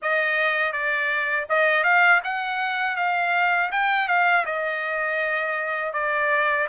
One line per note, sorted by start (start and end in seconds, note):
0.02 0.72 D#5
0.72 1.46 D5
1.48 1.83 D#5
1.83 2.20 F5
2.24 2.96 F#5
2.96 3.70 F5
3.71 4.07 G5
4.07 4.44 F5
4.45 5.93 D#5
5.93 6.67 D5